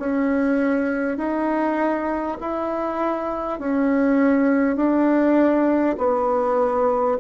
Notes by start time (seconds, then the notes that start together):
0.00 C#4
1.18 D#4
2.41 E4
3.60 C#4
4.77 D4
5.98 B3